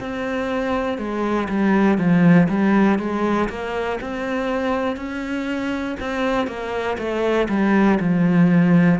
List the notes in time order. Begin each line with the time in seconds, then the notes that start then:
0.00 C4
0.98 G#3
1.49 G3
1.98 F3
2.49 G3
2.98 G#3
3.49 A#3
4.00 C4
4.96 C#4
6.00 C4
6.47 A#3
6.98 A3
7.49 G3
8.00 F3